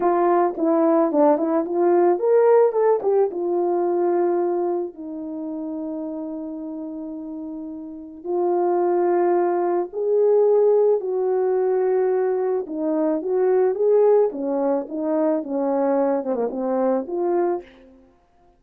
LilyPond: \new Staff \with { instrumentName = "horn" } { \time 4/4 \tempo 4 = 109 f'4 e'4 d'8 e'8 f'4 | ais'4 a'8 g'8 f'2~ | f'4 dis'2.~ | dis'2. f'4~ |
f'2 gis'2 | fis'2. dis'4 | fis'4 gis'4 cis'4 dis'4 | cis'4. c'16 ais16 c'4 f'4 | }